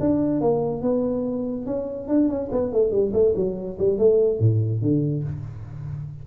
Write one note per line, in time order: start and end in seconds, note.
0.00 0.41 D4
0.41 0.82 A#3
0.82 1.66 B3
1.66 2.08 C#4
2.08 2.29 D4
2.29 2.50 C#4
2.52 2.73 B3
2.73 2.91 A3
2.91 3.12 G3
3.13 3.34 A3
3.36 3.78 F#3
3.79 3.98 G3
3.98 4.40 A3
4.40 4.82 A2
4.82 5.24 D3